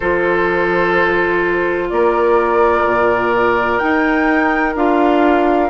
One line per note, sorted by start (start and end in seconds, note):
0.00 1.91 F3
0.00 3.80 F4
0.00 1.87 A4
0.00 1.89 C5
1.89 2.84 A#3
1.89 5.69 A#4
1.89 3.78 D5
2.84 3.80 A#2
3.78 4.75 D#4
3.78 4.73 G5
4.75 5.69 D4
4.75 5.69 F4
4.75 5.69 F5